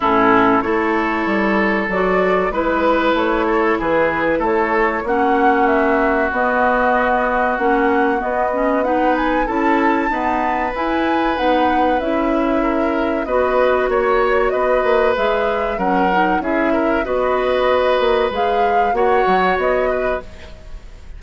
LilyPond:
<<
  \new Staff \with { instrumentName = "flute" } { \time 4/4 \tempo 4 = 95 a'4 cis''2 d''4 | b'4 cis''4 b'4 cis''4 | fis''4 e''4 dis''2 | fis''4 dis''4 fis''8 gis''8 a''4~ |
a''4 gis''4 fis''4 e''4~ | e''4 dis''4 cis''4 dis''4 | e''4 fis''4 e''4 dis''4~ | dis''4 f''4 fis''4 dis''4 | }
  \new Staff \with { instrumentName = "oboe" } { \time 4/4 e'4 a'2. | b'4. a'8 gis'4 a'4 | fis'1~ | fis'2 b'4 a'4 |
b'1 | ais'4 b'4 cis''4 b'4~ | b'4 ais'4 gis'8 ais'8 b'4~ | b'2 cis''4. b'8 | }
  \new Staff \with { instrumentName = "clarinet" } { \time 4/4 cis'4 e'2 fis'4 | e'1 | cis'2 b2 | cis'4 b8 cis'8 dis'4 e'4 |
b4 e'4 dis'4 e'4~ | e'4 fis'2. | gis'4 cis'8 dis'8 e'4 fis'4~ | fis'4 gis'4 fis'2 | }
  \new Staff \with { instrumentName = "bassoon" } { \time 4/4 a,4 a4 g4 fis4 | gis4 a4 e4 a4 | ais2 b2 | ais4 b2 cis'4 |
dis'4 e'4 b4 cis'4~ | cis'4 b4 ais4 b8 ais8 | gis4 fis4 cis'4 b4~ | b8 ais8 gis4 ais8 fis8 b4 | }
>>